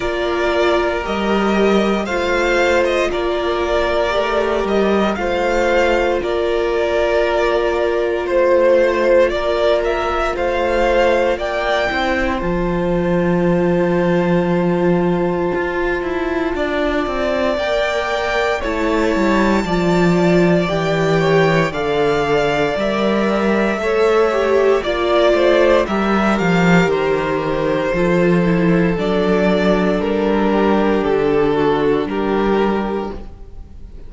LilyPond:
<<
  \new Staff \with { instrumentName = "violin" } { \time 4/4 \tempo 4 = 58 d''4 dis''4 f''8. dis''16 d''4~ | d''8 dis''8 f''4 d''2 | c''4 d''8 e''8 f''4 g''4 | a''1~ |
a''4 g''4 a''2 | g''4 f''4 e''2 | d''4 e''8 f''8 c''2 | d''4 ais'4 a'4 ais'4 | }
  \new Staff \with { instrumentName = "violin" } { \time 4/4 ais'2 c''4 ais'4~ | ais'4 c''4 ais'2 | c''4 ais'4 c''4 d''8 c''8~ | c''1 |
d''2 cis''4 d''4~ | d''8 cis''8 d''2 cis''4 | d''8 c''8 ais'2 a'4~ | a'4. g'4 fis'8 g'4 | }
  \new Staff \with { instrumentName = "viola" } { \time 4/4 f'4 g'4 f'2 | g'4 f'2.~ | f'2.~ f'8 e'8 | f'1~ |
f'4 ais'4 e'4 f'4 | g'4 a'4 ais'4 a'8 g'8 | f'4 g'2 f'8 e'8 | d'1 | }
  \new Staff \with { instrumentName = "cello" } { \time 4/4 ais4 g4 a4 ais4 | a8 g8 a4 ais2 | a4 ais4 a4 ais8 c'8 | f2. f'8 e'8 |
d'8 c'8 ais4 a8 g8 f4 | e4 d4 g4 a4 | ais8 a8 g8 f8 dis4 f4 | fis4 g4 d4 g4 | }
>>